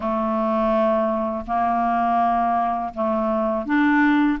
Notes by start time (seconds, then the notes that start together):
0.00 A3
1.46 A#3
2.94 A3
3.65 D4